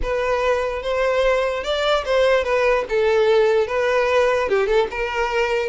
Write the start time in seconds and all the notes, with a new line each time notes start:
0.02 B4
0.82 C5
1.63 D5
2.05 C5
2.44 B4
2.89 A4
3.67 B4
4.48 G4
4.66 A4
4.91 A#4